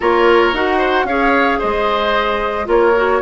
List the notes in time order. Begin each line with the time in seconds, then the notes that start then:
0.00 A#3 F4 A#4 C#5
0.52 D#4 F#4 F#5
0.77 C5
1.04 C#4 G#4 C#5 F5
1.58 G#3 C5 D#5
2.65 A#3 F4 A#4 C#5
2.96 F#4